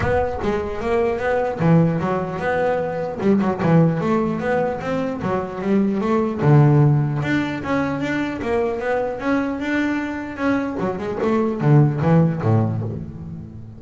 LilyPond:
\new Staff \with { instrumentName = "double bass" } { \time 4/4 \tempo 4 = 150 b4 gis4 ais4 b4 | e4 fis4 b2 | g8 fis8 e4 a4 b4 | c'4 fis4 g4 a4 |
d2 d'4 cis'4 | d'4 ais4 b4 cis'4 | d'2 cis'4 fis8 gis8 | a4 d4 e4 a,4 | }